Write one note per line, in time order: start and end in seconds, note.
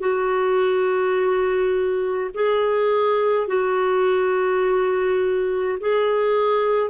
0.00 2.31 F#4
2.34 3.47 G#4
3.47 5.78 F#4
5.80 6.90 G#4